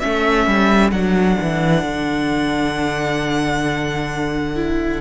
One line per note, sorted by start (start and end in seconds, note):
0.00 0.47 A3
0.00 0.92 C#4
0.00 5.01 A4
0.00 0.91 E5
0.47 0.92 G3
0.92 1.37 F#3
0.92 4.55 D4
0.92 5.01 F#5
1.42 1.84 E3
1.84 5.01 D3
4.55 5.01 E4